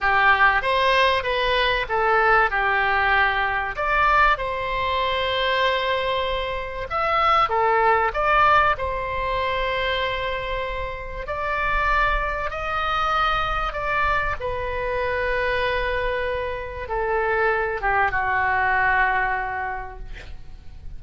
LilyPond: \new Staff \with { instrumentName = "oboe" } { \time 4/4 \tempo 4 = 96 g'4 c''4 b'4 a'4 | g'2 d''4 c''4~ | c''2. e''4 | a'4 d''4 c''2~ |
c''2 d''2 | dis''2 d''4 b'4~ | b'2. a'4~ | a'8 g'8 fis'2. | }